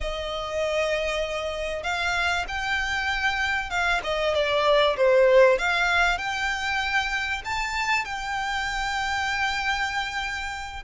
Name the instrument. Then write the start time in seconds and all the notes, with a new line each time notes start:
violin
0.01 D#5
1.83 F5
2.48 G5
3.70 F5
4.03 D#5
4.34 D5
4.97 C5
5.58 F5
6.18 G5
7.44 A5
8.04 G5